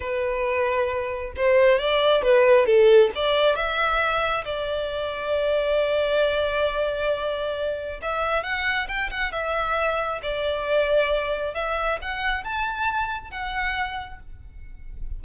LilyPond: \new Staff \with { instrumentName = "violin" } { \time 4/4 \tempo 4 = 135 b'2. c''4 | d''4 b'4 a'4 d''4 | e''2 d''2~ | d''1~ |
d''2 e''4 fis''4 | g''8 fis''8 e''2 d''4~ | d''2 e''4 fis''4 | a''2 fis''2 | }